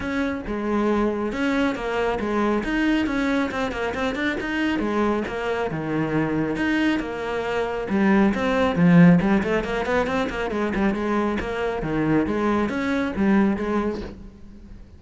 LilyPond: \new Staff \with { instrumentName = "cello" } { \time 4/4 \tempo 4 = 137 cis'4 gis2 cis'4 | ais4 gis4 dis'4 cis'4 | c'8 ais8 c'8 d'8 dis'4 gis4 | ais4 dis2 dis'4 |
ais2 g4 c'4 | f4 g8 a8 ais8 b8 c'8 ais8 | gis8 g8 gis4 ais4 dis4 | gis4 cis'4 g4 gis4 | }